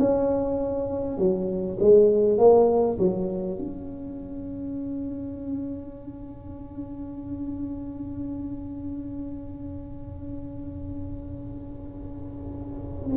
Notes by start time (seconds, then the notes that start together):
0.00 C#4
1.18 F#3
1.80 G#3
2.38 A#3
2.99 F#3
3.59 C#4